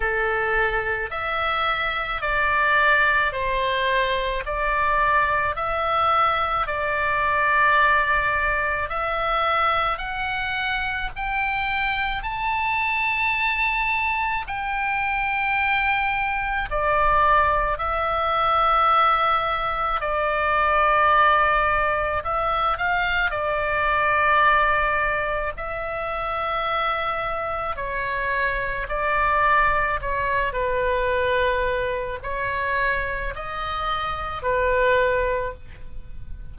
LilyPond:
\new Staff \with { instrumentName = "oboe" } { \time 4/4 \tempo 4 = 54 a'4 e''4 d''4 c''4 | d''4 e''4 d''2 | e''4 fis''4 g''4 a''4~ | a''4 g''2 d''4 |
e''2 d''2 | e''8 f''8 d''2 e''4~ | e''4 cis''4 d''4 cis''8 b'8~ | b'4 cis''4 dis''4 b'4 | }